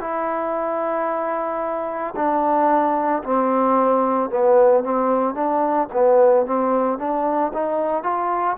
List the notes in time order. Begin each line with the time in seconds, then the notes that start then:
0.00 E4
2.16 D4
3.23 C4
4.30 B3
4.84 C4
5.35 D4
5.93 B3
6.46 C4
6.98 D4
7.53 D#4
8.03 F4